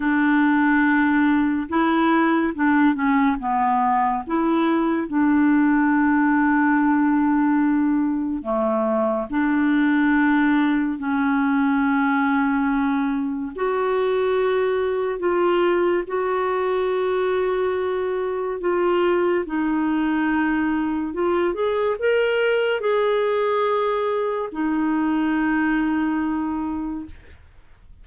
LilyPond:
\new Staff \with { instrumentName = "clarinet" } { \time 4/4 \tempo 4 = 71 d'2 e'4 d'8 cis'8 | b4 e'4 d'2~ | d'2 a4 d'4~ | d'4 cis'2. |
fis'2 f'4 fis'4~ | fis'2 f'4 dis'4~ | dis'4 f'8 gis'8 ais'4 gis'4~ | gis'4 dis'2. | }